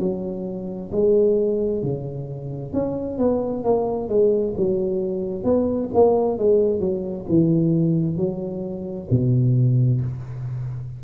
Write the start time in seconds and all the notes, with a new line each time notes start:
0.00 F#3
0.92 G#3
1.83 C#3
2.73 C#4
3.19 B3
3.64 A#3
4.09 G#3
4.57 F#3
5.44 B3
5.94 A#3
6.39 G#3
6.80 F#3
7.29 E3
8.17 F#3
9.10 B2